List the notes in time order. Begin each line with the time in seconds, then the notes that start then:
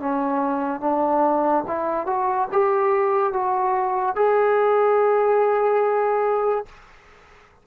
0.00 C#4
0.81 D4
1.67 E4
2.06 F#4
2.52 G4
3.33 F#4
4.16 G#4